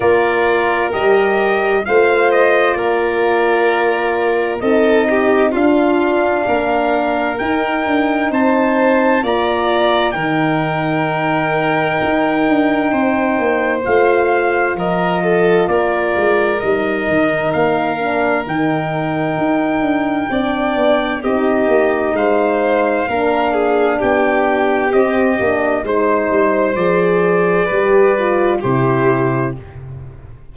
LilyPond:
<<
  \new Staff \with { instrumentName = "trumpet" } { \time 4/4 \tempo 4 = 65 d''4 dis''4 f''8 dis''8 d''4~ | d''4 dis''4 f''2 | g''4 a''4 ais''4 g''4~ | g''2. f''4 |
dis''4 d''4 dis''4 f''4 | g''2. dis''4 | f''2 g''4 dis''4 | c''4 d''2 c''4 | }
  \new Staff \with { instrumentName = "violin" } { \time 4/4 ais'2 c''4 ais'4~ | ais'4 a'8 g'8 f'4 ais'4~ | ais'4 c''4 d''4 ais'4~ | ais'2 c''2 |
ais'8 a'8 ais'2.~ | ais'2 d''4 g'4 | c''4 ais'8 gis'8 g'2 | c''2 b'4 g'4 | }
  \new Staff \with { instrumentName = "horn" } { \time 4/4 f'4 g'4 f'2~ | f'4 dis'4 d'2 | dis'2 f'4 dis'4~ | dis'2. f'4~ |
f'2 dis'4. d'8 | dis'2 d'4 dis'4~ | dis'4 d'2 c'8 d'8 | dis'4 gis'4 g'8 f'8 e'4 | }
  \new Staff \with { instrumentName = "tuba" } { \time 4/4 ais4 g4 a4 ais4~ | ais4 c'4 d'4 ais4 | dis'8 d'8 c'4 ais4 dis4~ | dis4 dis'8 d'8 c'8 ais8 a4 |
f4 ais8 gis8 g8 dis8 ais4 | dis4 dis'8 d'8 c'8 b8 c'8 ais8 | gis4 ais4 b4 c'8 ais8 | gis8 g8 f4 g4 c4 | }
>>